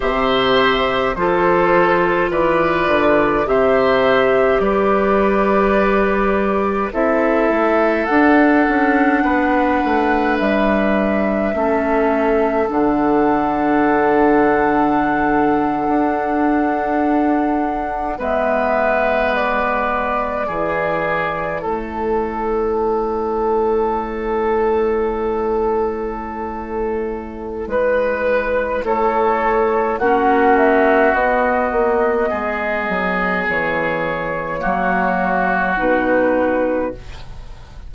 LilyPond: <<
  \new Staff \with { instrumentName = "flute" } { \time 4/4 \tempo 4 = 52 e''4 c''4 d''4 e''4 | d''2 e''4 fis''4~ | fis''4 e''2 fis''4~ | fis''2.~ fis''8. e''16~ |
e''8. d''2 cis''4~ cis''16~ | cis''1 | b'4 cis''4 fis''8 e''8 dis''4~ | dis''4 cis''2 b'4 | }
  \new Staff \with { instrumentName = "oboe" } { \time 4/4 c''4 a'4 b'4 c''4 | b'2 a'2 | b'2 a'2~ | a'2.~ a'8. b'16~ |
b'4.~ b'16 gis'4 a'4~ a'16~ | a'1 | b'4 a'4 fis'2 | gis'2 fis'2 | }
  \new Staff \with { instrumentName = "clarinet" } { \time 4/4 g'4 f'2 g'4~ | g'2 e'4 d'4~ | d'2 cis'4 d'4~ | d'2.~ d'8. b16~ |
b4.~ b16 e'2~ e'16~ | e'1~ | e'2 cis'4 b4~ | b2 ais4 dis'4 | }
  \new Staff \with { instrumentName = "bassoon" } { \time 4/4 c4 f4 e8 d8 c4 | g2 c'8 a8 d'8 cis'8 | b8 a8 g4 a4 d4~ | d4.~ d16 d'2 gis16~ |
gis4.~ gis16 e4 a4~ a16~ | a1 | gis4 a4 ais4 b8 ais8 | gis8 fis8 e4 fis4 b,4 | }
>>